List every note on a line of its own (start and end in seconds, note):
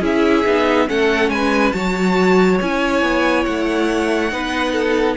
0.00 0.43 C#4
0.00 0.44 E4
0.00 0.86 G#4
0.00 0.88 E5
0.46 0.89 B3
0.46 0.87 D#4
0.87 1.29 A3
0.87 1.72 C#4
0.87 1.31 A4
0.87 1.29 F#5
1.29 1.72 G#3
1.29 1.75 B4
1.29 1.72 G#5
1.72 2.59 F#3
1.72 2.59 F#4
1.72 4.32 C#5
1.72 2.57 A5
2.61 3.02 C#4
2.61 4.30 E4
2.61 3.45 G#5
3.02 3.45 B3
3.45 4.32 A3
3.45 5.16 F#5
4.30 5.16 B3
4.30 5.16 D#4
4.30 4.72 B4
4.72 5.15 A4